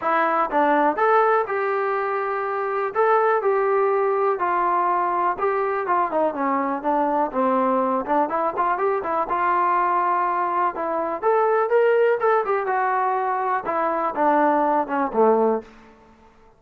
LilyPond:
\new Staff \with { instrumentName = "trombone" } { \time 4/4 \tempo 4 = 123 e'4 d'4 a'4 g'4~ | g'2 a'4 g'4~ | g'4 f'2 g'4 | f'8 dis'8 cis'4 d'4 c'4~ |
c'8 d'8 e'8 f'8 g'8 e'8 f'4~ | f'2 e'4 a'4 | ais'4 a'8 g'8 fis'2 | e'4 d'4. cis'8 a4 | }